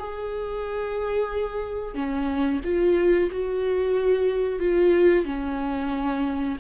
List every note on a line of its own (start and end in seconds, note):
0.00 1.95 G#4
1.95 2.61 C#4
2.65 3.31 F4
3.32 4.60 F#4
4.60 5.26 F4
5.26 6.58 C#4